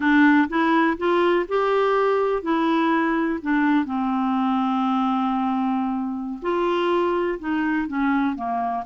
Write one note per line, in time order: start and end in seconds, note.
0.00 0.48 D4
0.48 0.97 E4
0.97 1.46 F4
1.48 2.42 G4
2.42 3.39 E4
3.41 3.85 D4
3.85 6.39 C4
6.42 7.38 F4
7.39 7.87 D#4
7.87 8.35 C#4
8.35 8.84 A#3